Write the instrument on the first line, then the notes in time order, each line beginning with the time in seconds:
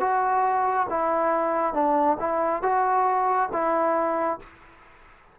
trombone
0.00 F#4
0.90 E4
1.74 D4
2.20 E4
2.62 F#4
3.53 E4